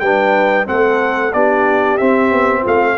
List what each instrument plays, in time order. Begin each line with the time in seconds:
0.00 tuba G3, trombone D4, horn B4, trumpet G5
0.66 tuba A3, trombone C4, horn A4, trumpet F#5
1.33 tuba B3, trombone D4, horn G4, trumpet D5
1.98 trombone C4, tuba C4, trumpet E5
2.31 tuba B3
2.62 tuba A3, horn F4, trumpet F5